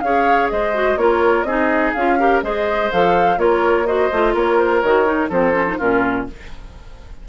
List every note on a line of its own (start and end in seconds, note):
0.00 0.50 C#4
0.00 0.74 G#4
0.00 0.52 C#5
0.00 0.48 F5
0.49 0.96 G#3
0.49 0.99 C5
0.49 0.97 D#5
0.74 0.98 F#4
0.96 1.43 A#3
0.96 1.46 F4
0.96 1.47 A#4
0.96 1.43 C#5
1.43 1.91 C4
1.43 1.96 D#4
1.43 2.19 G#4
1.43 1.91 D#5
1.93 2.42 C#4
1.93 2.19 F4
1.93 2.41 F5
2.19 2.43 G4
2.19 2.43 A#4
2.42 2.90 G#3
2.42 2.91 G#4
2.42 3.39 C5
2.42 2.91 D#5
2.91 3.37 F3
2.91 3.38 A4
2.91 3.39 F5
3.37 4.09 A#3
3.37 3.85 F4
3.37 3.87 A#4
3.37 3.86 C#5
3.86 4.10 F#4
3.86 4.34 C5
3.86 4.34 D#5
4.12 4.34 A3
4.12 4.84 F4
4.34 4.82 A#3
4.34 5.29 A#4
4.34 4.58 C#5
4.58 4.81 C5
4.81 5.30 D#3
4.81 5.05 F#4
4.81 5.29 C#5
5.05 5.29 D#4
5.29 5.78 F3
5.29 5.53 C4
5.29 5.77 A4
5.29 5.79 C5
5.53 5.65 C#4
5.67 5.79 D#4
5.77 6.28 A#2
5.77 6.27 C#4
5.77 6.25 F4
5.77 6.27 A#4